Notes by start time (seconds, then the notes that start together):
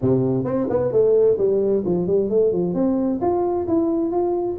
0.01 C3
0.44 C4
0.69 B3
0.91 A3
1.38 G3
1.85 F3
2.06 G3
2.29 A3
2.52 F3
2.74 C4
3.21 F4
3.67 E4
4.11 F4